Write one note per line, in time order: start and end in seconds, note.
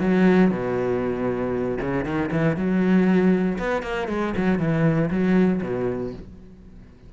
0.00 0.51 F#3
0.51 1.78 B2
1.81 2.05 C#3
2.05 2.30 D#3
2.31 2.56 E3
2.56 3.58 F#3
3.58 3.83 B3
3.83 4.08 A#3
4.08 4.34 G#3
4.37 4.59 F#3
4.59 5.10 E3
5.11 5.61 F#3
5.62 6.13 B2